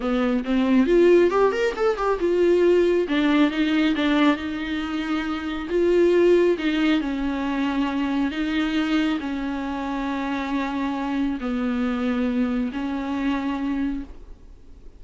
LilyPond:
\new Staff \with { instrumentName = "viola" } { \time 4/4 \tempo 4 = 137 b4 c'4 f'4 g'8 ais'8 | a'8 g'8 f'2 d'4 | dis'4 d'4 dis'2~ | dis'4 f'2 dis'4 |
cis'2. dis'4~ | dis'4 cis'2.~ | cis'2 b2~ | b4 cis'2. | }